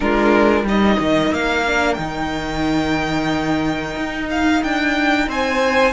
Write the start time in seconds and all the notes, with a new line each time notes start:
0.00 G#3 D4 F4 A#4
0.63 G3 D#4 A#4 D#5
0.99 D#3
1.31 A#3 F5
1.66 D4
1.94 D#3 D#4 G5
3.96 D#4
4.30 F5
4.63 D4 G5
5.27 C4 C5 G#5